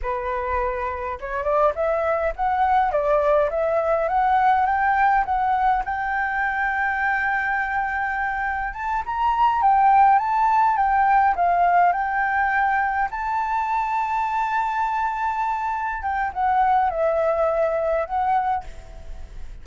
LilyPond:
\new Staff \with { instrumentName = "flute" } { \time 4/4 \tempo 4 = 103 b'2 cis''8 d''8 e''4 | fis''4 d''4 e''4 fis''4 | g''4 fis''4 g''2~ | g''2. a''8 ais''8~ |
ais''8 g''4 a''4 g''4 f''8~ | f''8 g''2 a''4.~ | a''2.~ a''8 g''8 | fis''4 e''2 fis''4 | }